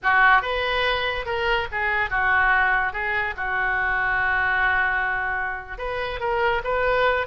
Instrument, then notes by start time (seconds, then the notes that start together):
oboe
0.02 F#4
0.42 B4
1.25 A#4
1.71 G#4
2.09 F#4
2.92 G#4
3.36 F#4
5.77 B4
6.20 A#4
6.64 B4